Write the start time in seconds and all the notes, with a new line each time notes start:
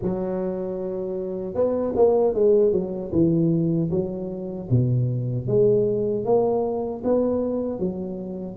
0.02 F#3
1.54 B3
1.95 A#3
2.33 G#3
2.72 F#3
3.12 E3
3.90 F#3
4.70 B2
5.47 G#3
6.24 A#3
7.04 B3
7.79 F#3